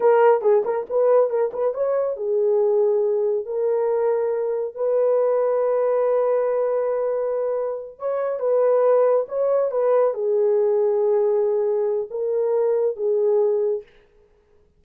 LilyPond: \new Staff \with { instrumentName = "horn" } { \time 4/4 \tempo 4 = 139 ais'4 gis'8 ais'8 b'4 ais'8 b'8 | cis''4 gis'2. | ais'2. b'4~ | b'1~ |
b'2~ b'8 cis''4 b'8~ | b'4. cis''4 b'4 gis'8~ | gis'1 | ais'2 gis'2 | }